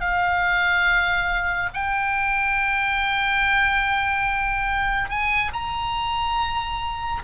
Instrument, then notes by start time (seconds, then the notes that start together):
oboe
0.00 F5
1.73 G5
5.09 G#5
5.53 A#5